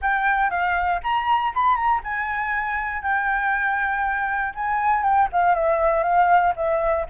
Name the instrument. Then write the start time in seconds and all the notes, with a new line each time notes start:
flute
0.01 G5
0.50 F5
1.03 A#5
1.54 B5
1.75 A#5
2.03 G#5
3.02 G5
4.54 G#5
5.03 G5
5.32 F5
5.55 E5
6.03 F5
6.56 E5